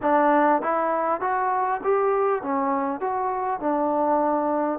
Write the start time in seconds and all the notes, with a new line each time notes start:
0.02 D4
0.62 E4
1.20 F#4
1.83 G4
2.42 C#4
3.00 F#4
3.59 D4